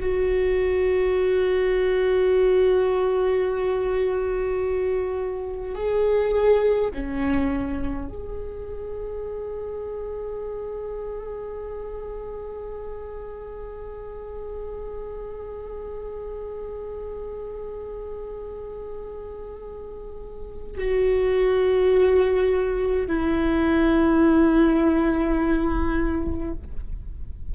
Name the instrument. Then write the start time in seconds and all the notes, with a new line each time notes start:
viola
0.00 F#4
5.75 G#4
6.94 C#4
8.09 G#4
20.77 F#4
23.07 E4